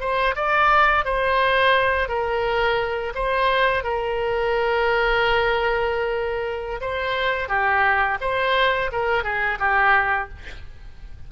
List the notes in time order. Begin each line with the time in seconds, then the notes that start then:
0.00 C5
0.36 D5
1.05 C5
2.09 A#4
3.15 C5
3.84 A#4
6.81 C5
7.48 G4
8.21 C5
8.92 A#4
9.23 G#4
9.59 G4